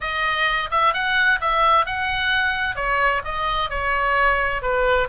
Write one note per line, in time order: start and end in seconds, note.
0.00 0.70 D#5
0.70 0.93 E5
0.93 1.39 F#5
1.41 1.86 E5
1.86 2.75 F#5
2.75 3.21 C#5
3.24 3.70 D#5
3.70 4.62 C#5
4.62 5.08 B4